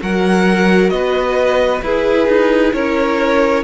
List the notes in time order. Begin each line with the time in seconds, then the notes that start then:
0.00 F#3 F#4 A#4 F#5
0.89 B3 B4 D#5
1.82 E4 G#4 B4
2.27 D#4
2.73 C#4 A#4 C#5